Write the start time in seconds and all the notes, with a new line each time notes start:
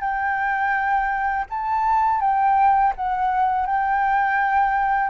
0.00 G5
1.50 A5
2.20 G5
2.95 F#5
3.66 G5